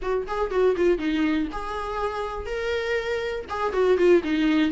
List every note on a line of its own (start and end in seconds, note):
0.02 0.27 F#4
0.27 0.50 G#4
0.50 0.75 F#4
0.76 0.98 F4
0.98 1.47 D#4
1.52 2.45 G#4
2.45 3.45 A#4
3.49 3.72 G#4
3.72 3.97 F#4
3.97 4.22 F4
4.23 4.71 D#4